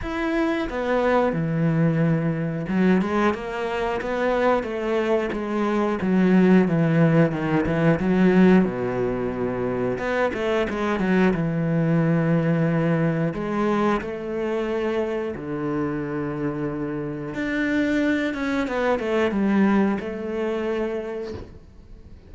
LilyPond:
\new Staff \with { instrumentName = "cello" } { \time 4/4 \tempo 4 = 90 e'4 b4 e2 | fis8 gis8 ais4 b4 a4 | gis4 fis4 e4 dis8 e8 | fis4 b,2 b8 a8 |
gis8 fis8 e2. | gis4 a2 d4~ | d2 d'4. cis'8 | b8 a8 g4 a2 | }